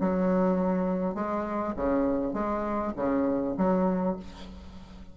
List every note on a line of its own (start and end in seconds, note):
0.00 1.14 F#3
1.14 1.74 G#3
1.76 2.33 C#3
2.33 2.92 G#3
2.96 3.55 C#3
3.57 4.17 F#3